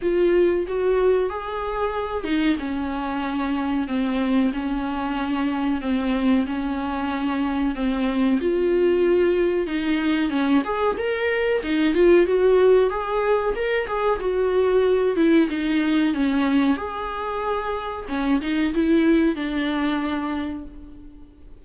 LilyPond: \new Staff \with { instrumentName = "viola" } { \time 4/4 \tempo 4 = 93 f'4 fis'4 gis'4. dis'8 | cis'2 c'4 cis'4~ | cis'4 c'4 cis'2 | c'4 f'2 dis'4 |
cis'8 gis'8 ais'4 dis'8 f'8 fis'4 | gis'4 ais'8 gis'8 fis'4. e'8 | dis'4 cis'4 gis'2 | cis'8 dis'8 e'4 d'2 | }